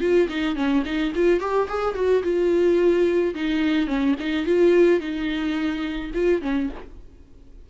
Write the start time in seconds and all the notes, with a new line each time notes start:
0.00 F4
0.29 D#4
0.55 C#4
0.85 D#4
1.15 F4
1.40 G4
1.68 G#4
1.95 F#4
2.23 F4
3.35 D#4
3.87 C#4
4.19 D#4
4.46 F4
5.00 D#4
6.14 F4
6.42 C#4